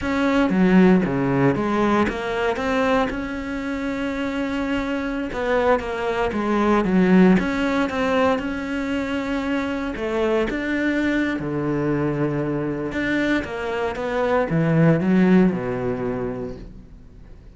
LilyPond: \new Staff \with { instrumentName = "cello" } { \time 4/4 \tempo 4 = 116 cis'4 fis4 cis4 gis4 | ais4 c'4 cis'2~ | cis'2~ cis'16 b4 ais8.~ | ais16 gis4 fis4 cis'4 c'8.~ |
c'16 cis'2. a8.~ | a16 d'4.~ d'16 d2~ | d4 d'4 ais4 b4 | e4 fis4 b,2 | }